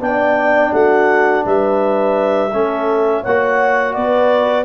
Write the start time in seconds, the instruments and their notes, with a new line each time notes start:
0.00 tuba B3, trombone D4, horn D5, clarinet G5
0.73 tuba A3, horn F#4, clarinet F#5
1.45 tuba G3, horn B4, clarinet E5
2.52 tuba A3, trombone C#4, horn A4
3.21 tuba A#3, trombone F#4, horn C#5, clarinet F#5
3.94 tuba B3, horn B4, clarinet D5